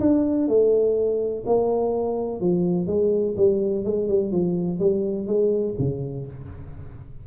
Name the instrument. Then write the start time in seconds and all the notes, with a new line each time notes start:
tuba
0.00 D4
0.48 A3
1.46 A#3
2.40 F3
2.87 G#3
3.37 G3
3.84 G#3
4.08 G3
4.31 F3
4.79 G3
5.27 G#3
5.79 C#3